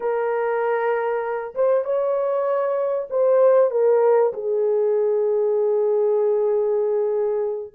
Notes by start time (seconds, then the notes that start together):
0.00 A#4
1.54 C5
1.84 C#5
3.09 C5
3.71 A#4
4.33 G#4